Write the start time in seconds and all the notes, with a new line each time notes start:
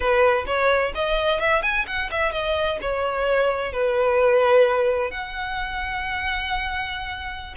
0.00 B4
0.46 C#5
0.94 D#5
1.40 E5
1.62 G#5
1.86 F#5
2.11 E5
2.32 D#5
2.81 C#5
3.72 B4
5.10 F#5